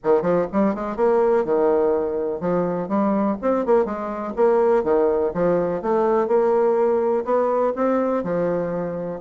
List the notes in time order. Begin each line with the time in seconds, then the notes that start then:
0.03 D#3
0.22 F3
0.52 G3
0.75 G#3
0.96 A#3
1.45 D#3
2.40 F3
2.88 G3
3.41 C4
3.65 A#3
3.85 G#3
4.35 A#3
4.83 D#3
5.34 F3
5.82 A3
6.27 A#3
7.24 B3
7.75 C4
8.23 F3